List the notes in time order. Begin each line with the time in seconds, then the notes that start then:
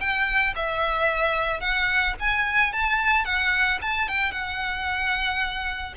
0.00 G5
0.56 E5
1.60 F#5
2.20 G#5
2.73 A5
3.25 F#5
3.82 A5
4.08 G5
4.31 F#5